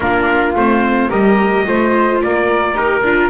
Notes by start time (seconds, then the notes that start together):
0.00 A#3 D4 F4 A#4
0.55 A3 C4 C5
1.09 G3 G4 A#4 D#5
1.64 A3 F4 C5
2.22 A#3 A#4 D5
2.74 D#4 G4 A#4
3.02 D4 F4